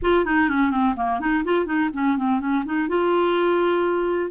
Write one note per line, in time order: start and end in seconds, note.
0.01 0.25 F4
0.25 0.49 D#4
0.49 0.70 C#4
0.70 0.94 C4
0.96 1.20 A#3
1.20 1.44 D#4
1.44 1.65 F4
1.65 1.89 D#4
1.93 2.17 C#4
2.17 2.40 C4
2.40 2.64 C#4
2.65 2.88 D#4
2.88 4.30 F4